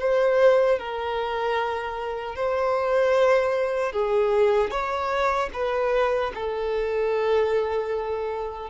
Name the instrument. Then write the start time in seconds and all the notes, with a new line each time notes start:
violin
0.00 C5
0.79 A#4
2.36 C5
3.93 G#4
4.71 C#5
5.53 B4
6.34 A4